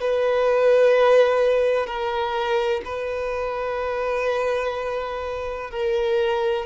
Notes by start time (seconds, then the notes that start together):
0.00 B4
1.86 A#4
2.85 B4
5.71 A#4